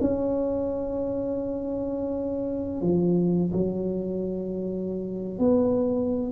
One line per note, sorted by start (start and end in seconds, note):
0.00 2.81 C#4
2.81 3.51 F3
3.52 5.38 F#3
5.38 6.32 B3